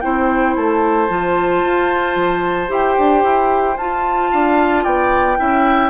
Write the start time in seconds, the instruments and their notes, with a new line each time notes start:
0.00 bassoon C4, clarinet E4, oboe C5, flute G5
0.55 bassoon A3, flute A5
1.08 bassoon F3, clarinet F4
1.62 bassoon F4
2.15 bassoon F3
2.67 bassoon E4, clarinet G4, flute G5
2.98 bassoon D4
3.23 bassoon E4
3.77 bassoon F4, clarinet F4, flute A5
4.31 bassoon D4, oboe F5
4.83 bassoon B3, oboe D5, flute G5
5.37 bassoon C#4, clarinet E4, oboe E5